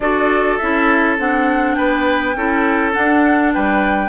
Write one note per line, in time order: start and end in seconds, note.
0.00 0.58 D4
0.00 0.60 F#4
0.00 1.77 A4
0.00 0.57 D5
0.57 1.18 C#4
0.57 1.18 E4
0.57 1.16 E5
1.18 1.77 C4
1.18 2.35 D4
1.18 1.74 F#5
1.74 2.35 B3
1.74 2.35 B4
1.74 2.92 G5
2.35 2.94 C#4
2.35 2.93 E4
2.35 3.53 A4
2.92 4.09 D4
2.92 3.55 D4
2.92 3.51 F#5
3.53 4.09 G3
3.53 4.09 B4
3.53 4.09 G5